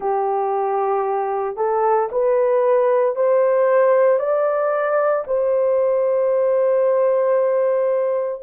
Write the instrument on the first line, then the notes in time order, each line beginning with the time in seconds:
horn
0.00 G4
1.56 A4
2.11 B4
3.15 C5
4.19 D5
5.26 C5